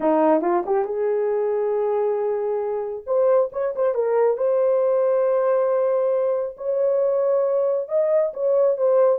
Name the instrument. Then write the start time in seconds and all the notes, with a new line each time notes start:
horn
0.00 D#4
0.41 F4
0.66 G4
0.84 G#4
3.06 C5
3.52 C#5
3.75 C5
3.94 A#4
4.37 C5
6.57 C#5
7.88 D#5
8.33 C#5
8.77 C5